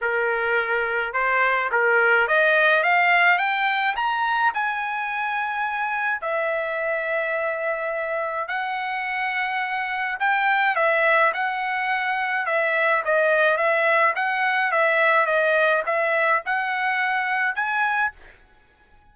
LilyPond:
\new Staff \with { instrumentName = "trumpet" } { \time 4/4 \tempo 4 = 106 ais'2 c''4 ais'4 | dis''4 f''4 g''4 ais''4 | gis''2. e''4~ | e''2. fis''4~ |
fis''2 g''4 e''4 | fis''2 e''4 dis''4 | e''4 fis''4 e''4 dis''4 | e''4 fis''2 gis''4 | }